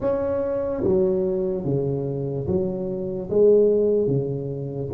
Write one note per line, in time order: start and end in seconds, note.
0.00 0.83 C#4
0.83 1.64 F#3
1.64 2.47 C#3
2.47 3.29 F#3
3.30 4.07 G#3
4.07 4.89 C#3